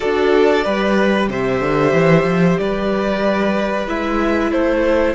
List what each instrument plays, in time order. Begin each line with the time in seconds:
0.00 cello D4, viola F#4, violin A4 D5
0.64 cello G3, viola G4, violin B4
1.28 cello C3, violin C5 E5
1.60 cello D3
1.92 cello E3
2.23 cello F3
2.58 cello G3, violin B4 D5
3.87 cello G#3, viola E4, violin E5
4.51 cello A3, violin A4 C5